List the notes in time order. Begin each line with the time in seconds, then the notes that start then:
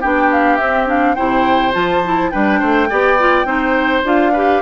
0.00 B3 D4 G4 G5
0.31 F5
0.57 C4 E5
0.86 D4 F5
1.14 C3 E4 C5 G5
1.72 F3 F4 A5
2.04 E4
2.30 G3 D4 B4 G5
2.59 A3 C5
2.89 B3 G4 D5
3.19 F4
3.44 C4 D#4 C5
4.04 D4 F4 F5
4.32 G4 B4